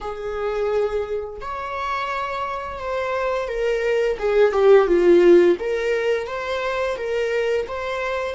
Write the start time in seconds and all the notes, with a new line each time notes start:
0.00 G#4
1.40 C#5
2.78 C5
3.48 A#4
4.18 G#4
4.52 G4
4.87 F4
5.59 A#4
6.27 C5
6.97 A#4
7.68 C5